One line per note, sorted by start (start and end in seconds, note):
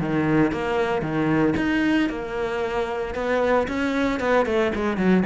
0.00 0.52 D#3
0.52 1.02 A#3
1.02 1.55 D#3
1.57 2.10 D#4
2.10 3.15 A#3
3.15 3.67 B3
3.68 4.20 C#4
4.20 4.46 B3
4.46 4.72 A3
4.75 4.97 G#3
4.97 5.23 F#3